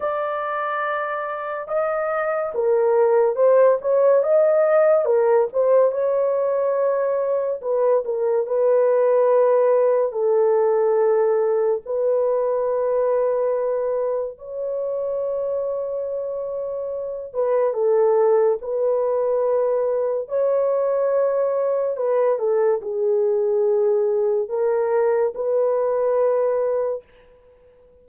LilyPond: \new Staff \with { instrumentName = "horn" } { \time 4/4 \tempo 4 = 71 d''2 dis''4 ais'4 | c''8 cis''8 dis''4 ais'8 c''8 cis''4~ | cis''4 b'8 ais'8 b'2 | a'2 b'2~ |
b'4 cis''2.~ | cis''8 b'8 a'4 b'2 | cis''2 b'8 a'8 gis'4~ | gis'4 ais'4 b'2 | }